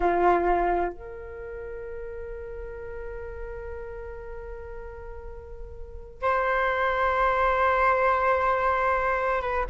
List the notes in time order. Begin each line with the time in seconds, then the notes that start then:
0.00 F4
0.92 A#4
6.22 C5
9.42 B4